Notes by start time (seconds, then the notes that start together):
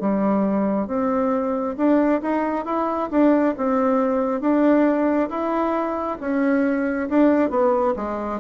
0.00 G3
0.87 C4
1.77 D4
2.21 D#4
2.65 E4
3.10 D4
3.57 C4
4.41 D4
5.29 E4
6.20 C#4
7.09 D4
7.50 B3
7.96 G#3